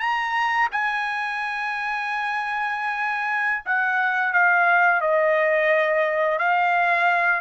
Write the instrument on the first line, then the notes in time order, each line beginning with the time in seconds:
trumpet
0.00 A#5
0.72 G#5
3.66 F#5
4.33 F5
5.01 D#5
6.39 F5